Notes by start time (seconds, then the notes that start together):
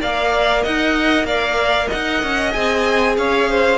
0.00 A#3 A#4 D5 F5
0.63 D#4 D#5 F#5
1.24 A#3 D5 F5
1.87 D#5 F#5
1.94 D#4
2.23 C#4
2.52 C4 G#4 G#5
3.17 C#4 C#5 F5
3.50 C5